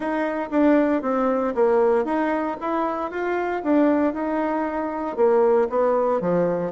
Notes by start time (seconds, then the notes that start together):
0.00 D#4
0.50 D4
1.02 C4
1.54 A#3
2.05 D#4
2.61 E4
3.10 F4
3.63 D4
4.13 D#4
5.16 A#3
5.69 B3
6.20 F3